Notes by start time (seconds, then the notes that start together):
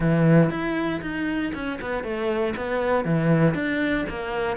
0.00 E3
0.50 E4
1.01 D#4
1.54 C#4
1.81 B3
2.03 A3
2.56 B3
3.04 E3
3.54 D4
4.09 A#3